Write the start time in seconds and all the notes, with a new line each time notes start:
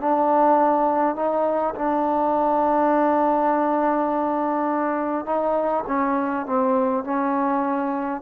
0.00 D4
1.16 D#4
1.75 D4
5.26 D#4
5.87 C#4
6.46 C4
7.04 C#4